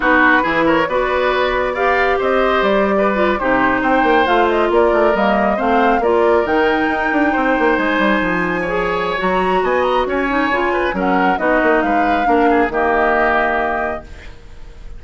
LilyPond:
<<
  \new Staff \with { instrumentName = "flute" } { \time 4/4 \tempo 4 = 137 b'4. cis''8 d''2 | f''4 dis''4 d''4.~ d''16 c''16~ | c''8. g''4 f''8 dis''8 d''4 dis''16~ | dis''8. f''4 d''4 g''4~ g''16~ |
g''4.~ g''16 gis''2~ gis''16~ | gis''4 ais''4 gis''8 ais''8 gis''4~ | gis''4 fis''4 dis''4 f''4~ | f''4 dis''2. | }
  \new Staff \with { instrumentName = "oboe" } { \time 4/4 fis'4 gis'8 ais'8 b'2 | d''4 c''4.~ c''16 b'4 g'16~ | g'8. c''2 ais'4~ ais'16~ | ais'8. c''4 ais'2~ ais'16~ |
ais'8. c''2. cis''16~ | cis''2 dis''4 cis''4~ | cis''8 b'8 ais'4 fis'4 b'4 | ais'8 gis'8 g'2. | }
  \new Staff \with { instrumentName = "clarinet" } { \time 4/4 dis'4 e'4 fis'2 | g'2.~ g'16 f'8 dis'16~ | dis'4.~ dis'16 f'2 ais16~ | ais8. c'4 f'4 dis'4~ dis'16~ |
dis'2.~ dis'8. gis'16~ | gis'4 fis'2~ fis'8 dis'8 | f'4 cis'4 dis'2 | d'4 ais2. | }
  \new Staff \with { instrumentName = "bassoon" } { \time 4/4 b4 e4 b2~ | b4 c'4 g4.~ g16 c16~ | c8. c'8 ais8 a4 ais8 a8 g16~ | g8. a4 ais4 dis4 dis'16~ |
dis'16 d'8 c'8 ais8 gis8 g8 f4~ f16~ | f4 fis4 b4 cis'4 | cis4 fis4 b8 ais8 gis4 | ais4 dis2. | }
>>